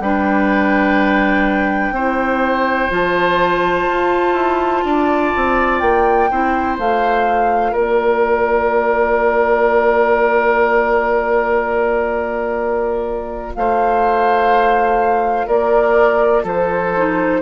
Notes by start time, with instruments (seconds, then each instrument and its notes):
0.00 bassoon G3, clarinet D4, oboe B4, flute G5
1.92 bassoon C4, clarinet E4, oboe C5
2.91 bassoon F3, clarinet F4, flute A5
3.89 bassoon F4
4.34 bassoon E4
4.85 bassoon D4, oboe D5
5.36 bassoon C4
5.80 bassoon A#3, flute G5
6.31 bassoon C4, clarinet E4, oboe C5
6.79 bassoon A3, clarinet F4, flute F5
7.72 bassoon A#3, oboe A#4, flute D5
13.55 bassoon A3, oboe C5, flute F5
15.47 bassoon A#3, oboe A#4, flute D5
16.44 bassoon F3, oboe A4, flute C5
16.97 clarinet D#4